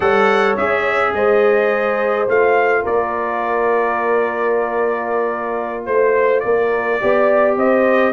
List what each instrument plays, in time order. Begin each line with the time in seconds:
0.00 tuba G3, trombone A4, horn C#5, trumpet F#5
0.57 tuba C#4, trombone G#4, trumpet E5
1.12 tuba G#3, horn C5, trumpet D#5
2.27 tuba A3, trombone F4, trumpet F5
2.82 tuba A#3, horn A#4, trumpet D5
5.85 tuba A3, trumpet C5, horn C5
6.40 tuba A#3, horn A#4, trumpet D5
6.99 tuba B3, trombone G4, horn D5
7.57 tuba C4, horn C5, trumpet D#5